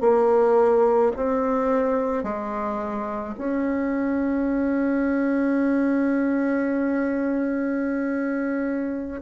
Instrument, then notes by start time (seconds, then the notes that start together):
bassoon
0.00 A#3
1.16 C4
2.23 G#3
3.37 C#4